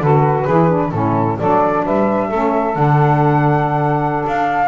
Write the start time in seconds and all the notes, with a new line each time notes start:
0.00 D3 F#4 A4 B4
0.44 E3 E4 G#4
0.69 D4
0.92 A2 C#4 E4 A4
1.39 F#3 D4 A4 D5
1.85 G3 B4 E5
2.28 A3 C#4 A4
2.74 D3 D4 F#5
4.27 D4 F5